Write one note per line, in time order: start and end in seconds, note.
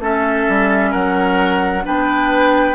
0.00 0.46 A3
0.00 1.84 C#4
0.00 0.91 A4
0.00 0.93 E5
0.48 0.94 G3
0.91 1.87 F#3
0.91 1.83 A#4
0.91 1.85 F#5
1.84 2.75 B3
1.84 2.75 D4
1.84 2.75 B4
1.84 2.75 G5